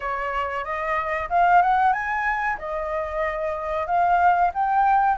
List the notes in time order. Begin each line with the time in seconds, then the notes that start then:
0.00 C#5
0.64 D#5
1.29 F5
1.62 F#5
1.92 G#5
2.57 D#5
3.86 F5
4.54 G5